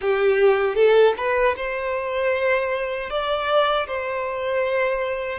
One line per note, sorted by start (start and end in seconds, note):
0.01 0.75 G4
0.75 1.14 A4
1.17 1.55 B4
1.56 3.09 C5
3.09 3.86 D5
3.87 5.38 C5